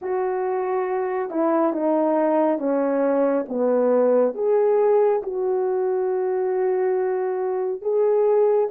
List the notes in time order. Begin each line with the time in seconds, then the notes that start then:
0.01 F#4
1.30 E4
1.72 D#4
2.58 C#4
3.48 B3
4.34 G#4
5.23 F#4
7.81 G#4